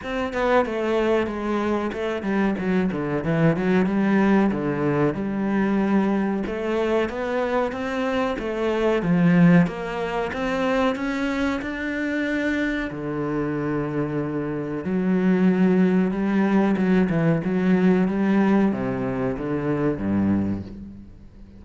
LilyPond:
\new Staff \with { instrumentName = "cello" } { \time 4/4 \tempo 4 = 93 c'8 b8 a4 gis4 a8 g8 | fis8 d8 e8 fis8 g4 d4 | g2 a4 b4 | c'4 a4 f4 ais4 |
c'4 cis'4 d'2 | d2. fis4~ | fis4 g4 fis8 e8 fis4 | g4 c4 d4 g,4 | }